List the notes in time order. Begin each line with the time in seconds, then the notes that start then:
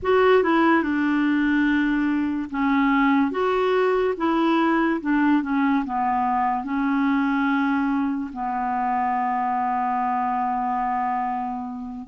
0.02 F#4
0.43 E4
0.83 D4
2.50 C#4
3.31 F#4
4.17 E4
5.00 D4
5.42 C#4
5.85 B3
6.64 C#4
8.32 B3